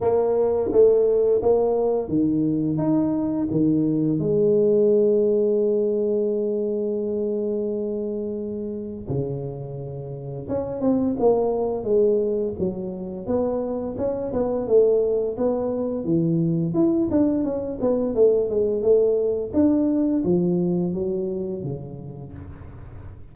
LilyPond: \new Staff \with { instrumentName = "tuba" } { \time 4/4 \tempo 4 = 86 ais4 a4 ais4 dis4 | dis'4 dis4 gis2~ | gis1~ | gis4 cis2 cis'8 c'8 |
ais4 gis4 fis4 b4 | cis'8 b8 a4 b4 e4 | e'8 d'8 cis'8 b8 a8 gis8 a4 | d'4 f4 fis4 cis4 | }